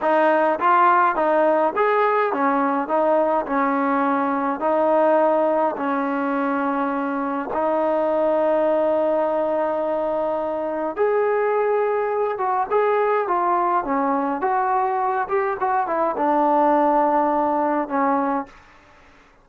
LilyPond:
\new Staff \with { instrumentName = "trombone" } { \time 4/4 \tempo 4 = 104 dis'4 f'4 dis'4 gis'4 | cis'4 dis'4 cis'2 | dis'2 cis'2~ | cis'4 dis'2.~ |
dis'2. gis'4~ | gis'4. fis'8 gis'4 f'4 | cis'4 fis'4. g'8 fis'8 e'8 | d'2. cis'4 | }